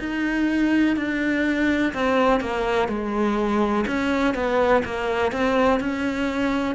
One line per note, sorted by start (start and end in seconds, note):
0.00 0.97 D#4
0.97 1.94 D4
1.94 2.41 C4
2.41 2.89 A#3
2.89 3.85 G#3
3.88 4.35 C#4
4.35 4.83 B3
4.85 5.32 A#3
5.32 5.80 C4
5.80 6.76 C#4